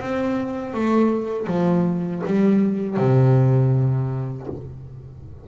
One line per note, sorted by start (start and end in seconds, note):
0.00 0.74 C4
0.74 1.47 A3
1.47 2.22 F3
2.26 2.97 G3
2.97 4.47 C3